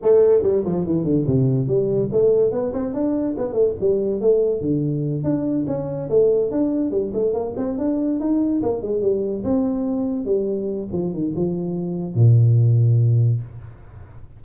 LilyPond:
\new Staff \with { instrumentName = "tuba" } { \time 4/4 \tempo 4 = 143 a4 g8 f8 e8 d8 c4 | g4 a4 b8 c'8 d'4 | b8 a8 g4 a4 d4~ | d8 d'4 cis'4 a4 d'8~ |
d'8 g8 a8 ais8 c'8 d'4 dis'8~ | dis'8 ais8 gis8 g4 c'4.~ | c'8 g4. f8 dis8 f4~ | f4 ais,2. | }